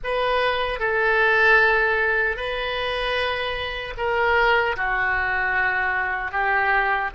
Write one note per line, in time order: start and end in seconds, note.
0.03 0.79 B4
0.79 2.36 A4
2.36 3.94 B4
3.97 4.76 A#4
4.76 6.31 F#4
6.31 7.10 G4